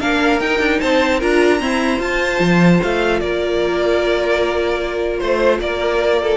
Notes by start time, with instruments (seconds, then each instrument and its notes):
0.00 cello A#3, viola D4, violin A#4 F5
0.40 cello D#4, viola D#4, violin G5
0.59 cello D4
0.80 cello C4, violin C5 A5
1.18 cello D4, viola F4, violin A#4 A#5
1.60 viola C4, cello E4, violin C5
2.00 cello F4, viola F4, violin A5
2.39 cello F3
2.82 cello A3, violin F5
3.20 cello A#3, violin A#4 D5
5.19 cello A3, violin C5
5.60 cello A#3, violin A#4 D5
6.22 violin A4